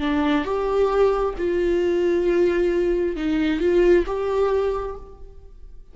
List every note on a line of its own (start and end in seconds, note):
0.00 0.45 D4
0.45 1.34 G4
1.38 3.16 F4
3.16 3.60 D#4
3.60 4.05 F4
4.06 4.96 G4